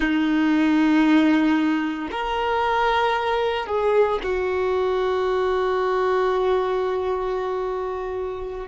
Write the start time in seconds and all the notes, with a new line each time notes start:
0.00 D#4
2.11 A#4
3.66 G#4
4.23 F#4